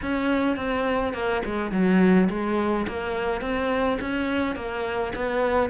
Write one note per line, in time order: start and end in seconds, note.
0.02 0.56 C#4
0.56 1.13 C4
1.13 1.42 A#3
1.45 1.71 G#3
1.71 2.29 F#3
2.29 2.86 G#3
2.87 3.41 A#3
3.41 3.98 C4
4.01 4.55 C#4
4.55 5.12 A#3
5.15 5.69 B3